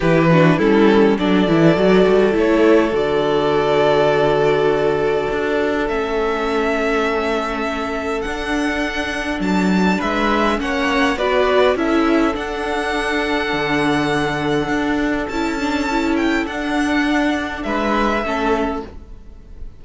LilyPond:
<<
  \new Staff \with { instrumentName = "violin" } { \time 4/4 \tempo 4 = 102 b'4 a'4 d''2 | cis''4 d''2.~ | d''2 e''2~ | e''2 fis''2 |
a''4 e''4 fis''4 d''4 | e''4 fis''2.~ | fis''2 a''4. g''8 | fis''2 e''2 | }
  \new Staff \with { instrumentName = "violin" } { \time 4/4 g'8 fis'8 e'4 a'2~ | a'1~ | a'1~ | a'1~ |
a'4 b'4 cis''4 b'4 | a'1~ | a'1~ | a'2 b'4 a'4 | }
  \new Staff \with { instrumentName = "viola" } { \time 4/4 e'8 d'8 cis'4 d'8 e'8 fis'4 | e'4 fis'2.~ | fis'2 cis'2~ | cis'2 d'2~ |
d'2 cis'4 fis'4 | e'4 d'2.~ | d'2 e'8 d'8 e'4 | d'2. cis'4 | }
  \new Staff \with { instrumentName = "cello" } { \time 4/4 e4 g4 fis8 e8 fis8 g8 | a4 d2.~ | d4 d'4 a2~ | a2 d'2 |
fis4 gis4 ais4 b4 | cis'4 d'2 d4~ | d4 d'4 cis'2 | d'2 gis4 a4 | }
>>